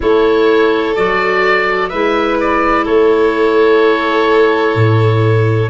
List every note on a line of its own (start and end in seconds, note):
0.00 0.96 A3
0.00 0.95 E4
0.00 1.89 A4
0.00 0.95 C#5
0.95 1.92 F#3
0.95 1.91 F#4
0.95 1.88 D5
1.88 2.87 G#3
1.88 5.69 E4
1.88 2.84 B4
1.88 2.36 E5
2.40 2.86 D5
2.84 4.75 A3
2.84 5.69 A4
2.84 5.69 C#5
4.75 5.69 A2